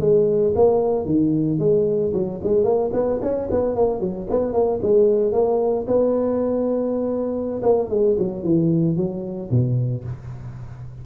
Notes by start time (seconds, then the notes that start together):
0.00 G#3
0.55 A#3
1.05 D#3
1.59 G#3
2.13 F#3
2.43 G#3
2.63 A#3
2.93 B3
3.22 C#4
3.50 B3
3.75 A#3
4.00 F#3
4.30 B3
4.53 A#3
4.82 G#3
5.32 A#3
5.87 B3
7.62 A#3
7.89 G#3
8.19 F#3
8.43 E3
8.96 F#3
9.50 B2